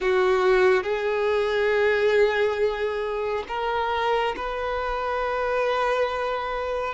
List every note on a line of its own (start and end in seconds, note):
0.00 0.83 F#4
0.83 3.43 G#4
3.48 4.35 A#4
4.36 6.94 B4